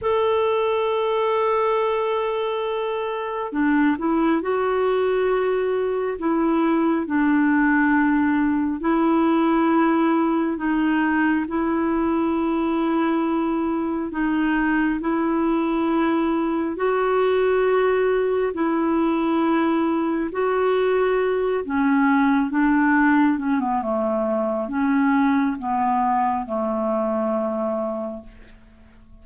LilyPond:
\new Staff \with { instrumentName = "clarinet" } { \time 4/4 \tempo 4 = 68 a'1 | d'8 e'8 fis'2 e'4 | d'2 e'2 | dis'4 e'2. |
dis'4 e'2 fis'4~ | fis'4 e'2 fis'4~ | fis'8 cis'4 d'4 cis'16 b16 a4 | cis'4 b4 a2 | }